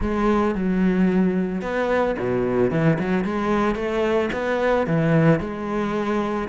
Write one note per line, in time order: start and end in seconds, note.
0.00 0.54 G#3
0.54 1.61 F#3
1.61 2.15 B3
2.18 2.71 B2
2.71 2.98 E3
2.99 3.24 F#3
3.24 3.75 G#3
3.75 4.29 A3
4.32 4.86 B3
4.86 5.40 E3
5.40 6.48 G#3